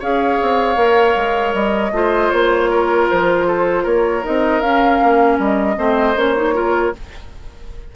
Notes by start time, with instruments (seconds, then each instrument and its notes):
0.00 bassoon C#4, clarinet G#4, oboe C#5, flute F5
0.42 bassoon C4
0.76 bassoon A#3, clarinet A#4
1.16 bassoon G#3
1.54 bassoon G3, flute D#5
1.92 bassoon A3, clarinet F4, oboe C5
2.31 bassoon A#3, flute C#5
2.71 oboe A#4
3.10 bassoon F3, flute C5
3.48 oboe A4
3.83 bassoon A#3, oboe A#4, flute C#5
4.23 bassoon C4, clarinet D#4, flute D#5
4.61 bassoon C#4, clarinet C#4, flute F5
5.04 bassoon A#3
5.39 bassoon G3, flute D#5
5.77 bassoon A3, clarinet C4, oboe C5
6.16 bassoon A#3, clarinet C#4, flute C#5
6.36 clarinet D#4
6.54 clarinet F4, oboe A#4